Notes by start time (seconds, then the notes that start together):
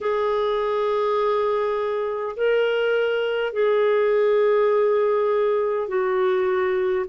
0.01 G#4
2.36 A#4
3.52 G#4
5.88 F#4